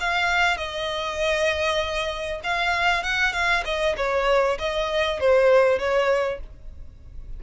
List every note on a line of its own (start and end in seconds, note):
0.00 0.57 F5
0.57 2.40 D#5
2.44 3.03 F5
3.03 3.33 F#5
3.33 3.63 F5
3.65 3.95 D#5
3.97 4.58 C#5
4.59 5.20 D#5
5.20 5.79 C5
5.79 6.40 C#5